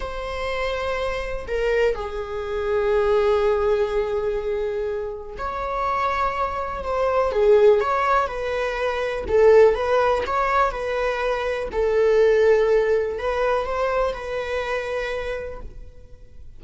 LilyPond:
\new Staff \with { instrumentName = "viola" } { \time 4/4 \tempo 4 = 123 c''2. ais'4 | gis'1~ | gis'2. cis''4~ | cis''2 c''4 gis'4 |
cis''4 b'2 a'4 | b'4 cis''4 b'2 | a'2. b'4 | c''4 b'2. | }